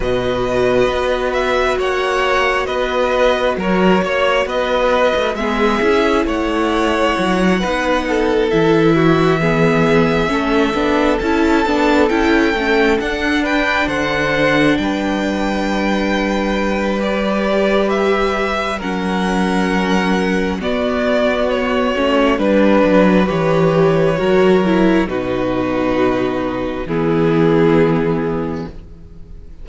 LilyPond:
<<
  \new Staff \with { instrumentName = "violin" } { \time 4/4 \tempo 4 = 67 dis''4. e''8 fis''4 dis''4 | cis''4 dis''4 e''4 fis''4~ | fis''4. e''2~ e''8~ | e''8 a''4 g''4 fis''8 g''8 fis''8~ |
fis''8 g''2~ g''8 d''4 | e''4 fis''2 d''4 | cis''4 b'4 cis''2 | b'2 gis'2 | }
  \new Staff \with { instrumentName = "violin" } { \time 4/4 b'2 cis''4 b'4 | ais'8 cis''8 b'4 gis'4 cis''4~ | cis''8 b'8 a'4 fis'8 gis'4 a'8~ | a'2. b'8 c''8~ |
c''8 b'2.~ b'8~ | b'4 ais'2 fis'4~ | fis'4 b'2 ais'4 | fis'2 e'2 | }
  \new Staff \with { instrumentName = "viola" } { \time 4/4 fis'1~ | fis'2 b8 e'4.~ | e'8 dis'4 e'4 b4 cis'8 | d'8 e'8 d'8 e'8 cis'8 d'4.~ |
d'2. g'4~ | g'4 cis'2 b4~ | b8 cis'8 d'4 g'4 fis'8 e'8 | dis'2 b2 | }
  \new Staff \with { instrumentName = "cello" } { \time 4/4 b,4 b4 ais4 b4 | fis8 ais8 b8. a16 gis8 cis'8 a4 | fis8 b4 e2 a8 | b8 cis'8 b8 cis'8 a8 d'4 d8~ |
d8 g2.~ g8~ | g4 fis2 b4~ | b8 a8 g8 fis8 e4 fis4 | b,2 e2 | }
>>